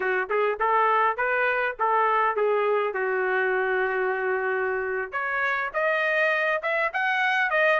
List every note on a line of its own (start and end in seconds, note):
0.00 0.29 F#4
0.29 0.59 G#4
0.59 1.17 A4
1.17 1.75 B4
1.79 2.36 A4
2.36 2.93 G#4
2.93 5.12 F#4
5.12 5.71 C#5
5.73 6.61 D#5
6.62 6.91 E5
6.93 7.50 F#5
7.50 7.79 D#5